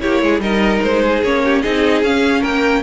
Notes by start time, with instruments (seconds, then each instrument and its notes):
0.00 cello A#3, viola E4, violin G4 C#5
0.23 cello G#3, violin G#4
0.39 cello G3, viola D#4, violin A#4 D#5
0.83 cello G#3, violin C5
1.02 violin G#4
1.23 cello A#3, viola C#4, violin C#5
1.45 violin G4
1.62 cello C4, viola D#4, violin G#4 D#5
2.02 cello C#4, viola C#4, violin F5
2.41 cello A#3, violin A#4 G5